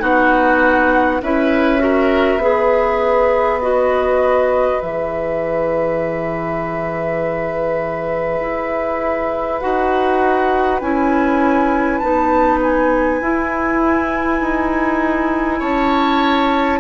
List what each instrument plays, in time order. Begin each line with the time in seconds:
0.00 bassoon B3, clarinet D#4, oboe F#4, flute F#5
1.22 bassoon C#4, clarinet E4, oboe B4, flute E5
1.79 clarinet F#4, oboe A#4
2.38 bassoon B3, clarinet G#4, oboe B4
3.61 clarinet F#4, flute D#5
4.82 bassoon E3, clarinet G#4, flute E5
8.41 bassoon E4
9.60 bassoon D#4, clarinet F#4, flute F#5
10.81 bassoon C#4, clarinet E4, flute G#5
11.98 bassoon B3, clarinet D#4, flute A5
12.62 flute G#5
13.21 bassoon E4, clarinet E4
14.41 bassoon D#4
15.60 bassoon C#4, oboe C#5, flute A5